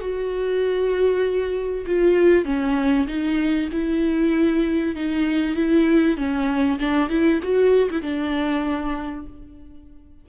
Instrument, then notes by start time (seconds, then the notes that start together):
viola
0.00 F#4
1.86 F4
2.45 C#4
3.07 D#4
3.72 E4
4.96 D#4
5.56 E4
6.17 C#4
6.79 D4
7.09 E4
7.43 F#4
7.90 E4
8.02 D4